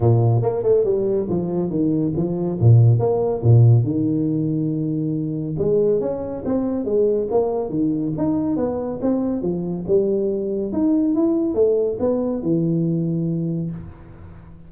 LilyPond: \new Staff \with { instrumentName = "tuba" } { \time 4/4 \tempo 4 = 140 ais,4 ais8 a8 g4 f4 | dis4 f4 ais,4 ais4 | ais,4 dis2.~ | dis4 gis4 cis'4 c'4 |
gis4 ais4 dis4 dis'4 | b4 c'4 f4 g4~ | g4 dis'4 e'4 a4 | b4 e2. | }